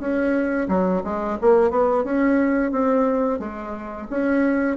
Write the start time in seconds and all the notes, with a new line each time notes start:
0.00 C#4
0.69 F#3
1.04 G#3
1.42 A#3
1.71 B3
2.05 C#4
2.72 C4
3.40 G#3
4.11 C#4